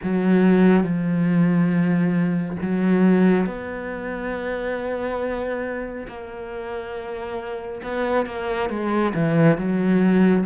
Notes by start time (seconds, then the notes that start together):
0.02 F#3
0.83 F3
2.62 F#3
3.45 B3
6.08 A#3
7.83 B3
8.26 A#3
8.69 G#3
9.14 E3
9.57 F#3